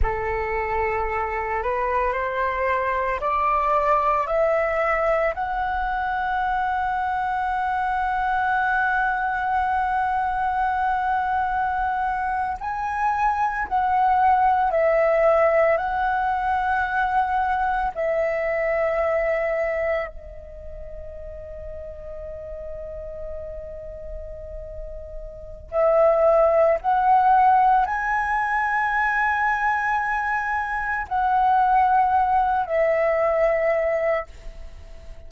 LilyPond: \new Staff \with { instrumentName = "flute" } { \time 4/4 \tempo 4 = 56 a'4. b'8 c''4 d''4 | e''4 fis''2.~ | fis''2.~ fis''8. gis''16~ | gis''8. fis''4 e''4 fis''4~ fis''16~ |
fis''8. e''2 dis''4~ dis''16~ | dis''1 | e''4 fis''4 gis''2~ | gis''4 fis''4. e''4. | }